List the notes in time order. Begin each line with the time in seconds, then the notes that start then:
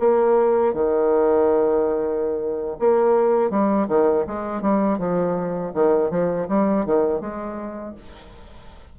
0.00 A#3
0.74 D#3
2.79 A#3
3.51 G3
3.89 D#3
4.27 G#3
4.62 G3
4.99 F3
5.74 D#3
6.11 F3
6.49 G3
6.86 D#3
7.21 G#3